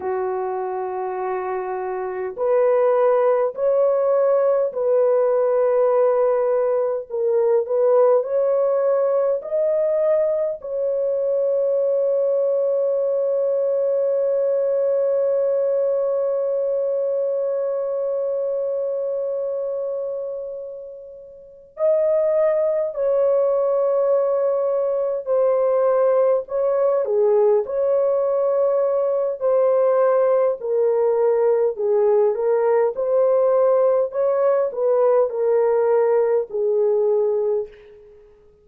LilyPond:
\new Staff \with { instrumentName = "horn" } { \time 4/4 \tempo 4 = 51 fis'2 b'4 cis''4 | b'2 ais'8 b'8 cis''4 | dis''4 cis''2.~ | cis''1~ |
cis''2~ cis''8 dis''4 cis''8~ | cis''4. c''4 cis''8 gis'8 cis''8~ | cis''4 c''4 ais'4 gis'8 ais'8 | c''4 cis''8 b'8 ais'4 gis'4 | }